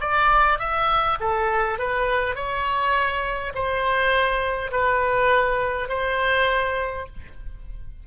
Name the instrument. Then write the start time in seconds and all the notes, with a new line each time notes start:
oboe
0.00 D5
0.59 E5
1.20 A4
1.78 B4
2.35 C#5
3.55 C5
4.71 B4
5.88 C5